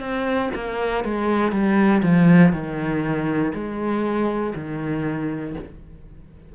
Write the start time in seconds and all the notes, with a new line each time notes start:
0.00 C4
0.55 A#3
1.05 G#3
1.52 G3
2.03 F3
2.53 D#3
3.54 G#3
4.55 D#3